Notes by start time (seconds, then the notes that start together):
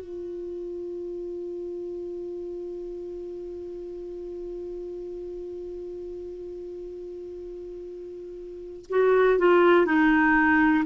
0.00 F4
8.90 F#4
9.38 F4
9.86 D#4